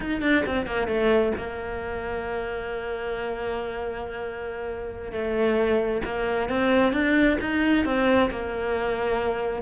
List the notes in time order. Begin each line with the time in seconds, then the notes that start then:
0.00 D#4
0.21 D4
0.46 C4
0.66 A#3
0.87 A3
1.37 A#3
5.12 A3
6.04 A#3
6.49 C4
6.92 D4
7.40 D#4
7.85 C4
8.30 A#3